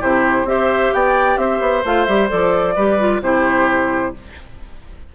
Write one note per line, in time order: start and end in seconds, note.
0.00 0.44 C3
0.00 0.46 E4
0.00 0.46 G4
0.00 0.48 C5
0.44 0.90 C4
0.44 1.84 G4
0.44 0.95 C5
0.44 0.93 E5
0.93 1.37 B3
0.93 1.41 D5
0.93 1.37 G5
1.37 1.60 C4
1.37 2.75 C5
1.37 1.83 E5
1.60 1.83 B3
1.85 2.08 A3
1.85 2.08 F4
1.85 2.05 F5
2.05 2.31 G3
2.05 2.29 G4
2.05 2.28 E5
2.29 2.76 F3
2.29 2.74 A4
2.29 3.22 D5
2.75 3.21 G3
2.75 2.99 G4
2.75 3.21 B4
2.99 3.22 F4
3.21 4.12 C3
3.21 4.14 E4
3.21 4.15 G4
3.21 4.14 C5